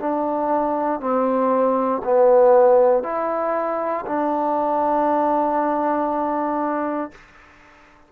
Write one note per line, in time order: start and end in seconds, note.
0.00 1.00 D4
1.00 2.02 C4
2.04 3.03 B3
3.03 4.05 E4
4.07 7.12 D4